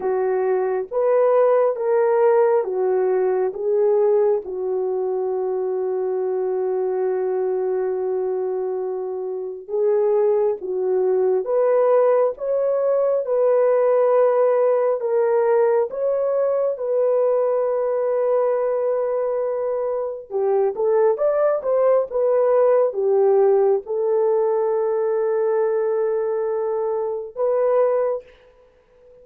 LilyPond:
\new Staff \with { instrumentName = "horn" } { \time 4/4 \tempo 4 = 68 fis'4 b'4 ais'4 fis'4 | gis'4 fis'2.~ | fis'2. gis'4 | fis'4 b'4 cis''4 b'4~ |
b'4 ais'4 cis''4 b'4~ | b'2. g'8 a'8 | d''8 c''8 b'4 g'4 a'4~ | a'2. b'4 | }